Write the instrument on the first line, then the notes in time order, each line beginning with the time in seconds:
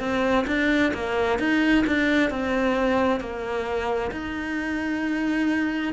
cello
0.00 C4
0.47 D4
0.94 A#3
1.39 D#4
1.87 D4
2.31 C4
3.20 A#3
4.12 D#4